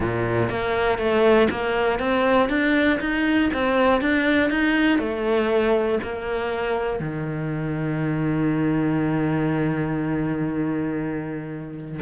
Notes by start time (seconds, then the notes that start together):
0.00 A#2
0.49 A#3
0.98 A3
1.50 A#3
1.99 C4
2.49 D4
3.00 D#4
3.53 C4
4.01 D4
4.50 D#4
4.99 A3
6.02 A#3
6.99 D#3